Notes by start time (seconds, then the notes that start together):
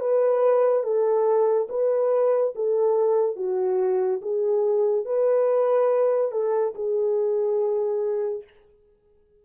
0.00 B4
0.83 A4
1.69 B4
2.55 A4
3.36 F#4
4.22 G#4
5.05 B4
6.32 A4
6.75 G#4